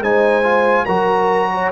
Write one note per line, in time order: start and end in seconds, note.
0.00 0.86 G#3
0.00 0.43 D#4
0.00 0.85 C5
0.00 0.85 G#5
0.43 0.86 F4
0.85 1.72 F#3
0.85 1.72 F#4
0.85 1.49 A#4
0.85 1.71 A#5
1.54 1.72 C#5